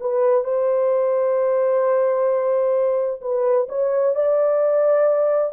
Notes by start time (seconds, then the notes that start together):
0.00 B4
0.44 C5
3.21 B4
3.69 C#5
4.15 D5